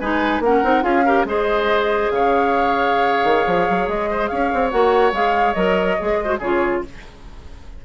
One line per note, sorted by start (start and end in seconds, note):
0.00 0.40 G#3
0.00 0.44 D#4
0.00 0.43 B4
0.00 0.42 G#5
0.40 0.61 A#3
0.40 0.64 C#4
0.40 0.84 A#4
0.40 0.84 F#5
0.64 0.84 C4
0.64 0.82 D#4
0.82 1.25 C#4
0.82 1.03 F4
0.82 1.05 G#4
0.82 1.26 F5
1.05 1.27 G4
1.05 1.26 A#4
1.25 2.09 G#3
1.25 4.71 G#4
1.25 2.12 C5
1.25 2.11 D#5
2.11 3.24 C#3
2.11 4.10 C#5
2.11 3.89 F5
3.24 3.45 D#3
3.47 3.68 F3
3.70 3.88 F#3
3.88 4.30 G#3
3.88 4.28 D#5
4.10 4.30 C5
4.28 4.53 C#4
4.28 6.19 C#5
4.28 4.70 F5
4.54 4.73 C4
4.71 5.12 A#3
4.71 5.13 F#4
4.71 5.13 F#5
5.12 5.54 G#3
5.12 5.56 G#4
5.12 5.54 F5
5.54 5.98 F#3
5.54 5.98 A#4
5.54 6.38 D#5
6.00 6.40 G#3
6.00 6.25 G#4
6.24 6.36 F#4
6.24 6.39 C5
6.39 6.82 C#3
6.39 6.85 F4
6.39 6.81 G#4
6.39 6.84 C#5